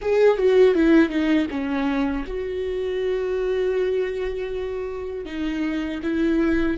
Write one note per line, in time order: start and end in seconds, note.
0.01 0.37 G#4
0.37 0.74 F#4
0.74 1.09 E4
1.09 1.46 D#4
1.50 2.25 C#4
2.26 5.25 F#4
5.25 6.00 D#4
6.02 6.77 E4